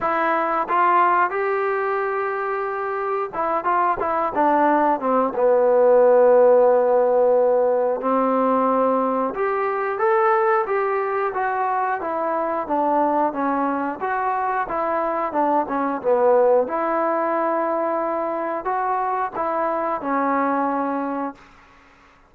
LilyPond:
\new Staff \with { instrumentName = "trombone" } { \time 4/4 \tempo 4 = 90 e'4 f'4 g'2~ | g'4 e'8 f'8 e'8 d'4 c'8 | b1 | c'2 g'4 a'4 |
g'4 fis'4 e'4 d'4 | cis'4 fis'4 e'4 d'8 cis'8 | b4 e'2. | fis'4 e'4 cis'2 | }